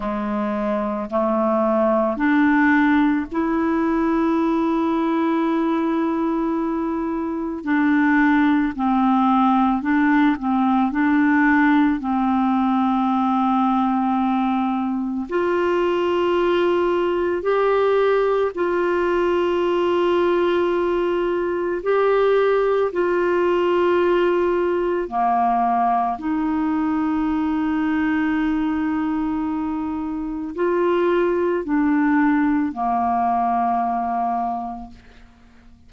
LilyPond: \new Staff \with { instrumentName = "clarinet" } { \time 4/4 \tempo 4 = 55 gis4 a4 d'4 e'4~ | e'2. d'4 | c'4 d'8 c'8 d'4 c'4~ | c'2 f'2 |
g'4 f'2. | g'4 f'2 ais4 | dis'1 | f'4 d'4 ais2 | }